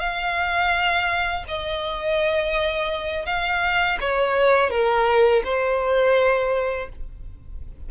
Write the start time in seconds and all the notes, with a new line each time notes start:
0.00 F5
1.48 D#5
3.26 F5
4.01 C#5
4.71 A#4
5.45 C5